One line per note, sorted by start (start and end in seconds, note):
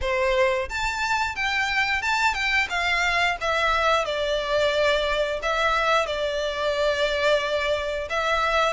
0.01 0.68 C5
0.69 1.35 A5
1.35 2.01 G5
2.01 2.34 A5
2.34 2.67 G5
2.69 3.36 F5
3.40 4.05 E5
4.05 5.40 D5
5.42 6.06 E5
6.06 8.08 D5
8.09 8.73 E5